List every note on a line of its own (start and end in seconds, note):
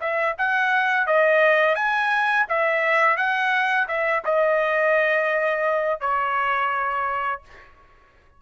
0.00 0.35 E5
0.38 1.06 F#5
1.06 1.75 D#5
1.75 2.45 G#5
2.49 3.16 E5
3.16 3.87 F#5
3.88 4.23 E5
4.24 6.00 D#5
6.00 7.41 C#5